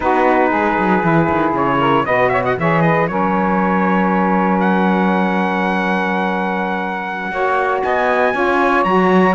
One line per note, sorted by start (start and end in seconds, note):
0.00 0.51 B3
0.00 1.02 D#4
0.00 0.49 F#4
0.00 1.54 B4
0.49 0.78 G#3
0.49 1.77 G#4
0.78 1.03 F#3
1.02 1.28 E3
1.02 2.05 E4
1.29 1.52 D#3
1.52 2.04 C#3
1.52 2.05 C#5
1.79 2.05 A#4
2.05 2.57 B2
2.05 2.57 F#4
2.05 2.30 B4
2.05 2.29 D#5
2.29 2.43 C#5
2.29 2.42 E5
2.43 2.56 D#5
2.43 2.58 F#5
2.57 3.08 E3
2.57 3.07 G#4
2.57 2.83 C#5
2.57 2.81 E5
2.81 3.09 B4
2.81 3.07 D#5
3.07 7.31 F#3
3.07 7.30 C#4
3.07 7.32 A#4
3.07 4.60 C#5
4.60 7.80 F#5
7.31 7.82 A#3
7.31 8.34 F#4
7.31 7.83 C#5
7.83 8.34 B3
7.83 8.33 D#5
7.83 8.84 G#5
8.33 8.84 C#4
8.33 8.85 F4
8.33 9.35 C#5
8.84 9.35 F#3
8.84 9.35 F#4
8.84 9.35 A#5